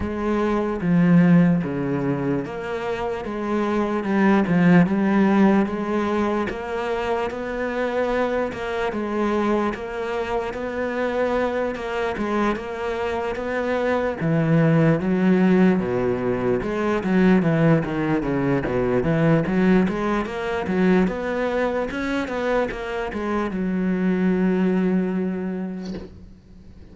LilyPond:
\new Staff \with { instrumentName = "cello" } { \time 4/4 \tempo 4 = 74 gis4 f4 cis4 ais4 | gis4 g8 f8 g4 gis4 | ais4 b4. ais8 gis4 | ais4 b4. ais8 gis8 ais8~ |
ais8 b4 e4 fis4 b,8~ | b,8 gis8 fis8 e8 dis8 cis8 b,8 e8 | fis8 gis8 ais8 fis8 b4 cis'8 b8 | ais8 gis8 fis2. | }